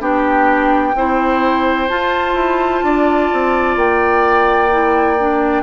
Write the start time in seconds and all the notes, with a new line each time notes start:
0.00 B3 D4 G4 G5
0.95 C4 E4 C5
1.88 F4 A5
2.34 E4
2.83 D4 D5
3.33 C4
3.76 A#3 G5
4.71 E4
5.18 D4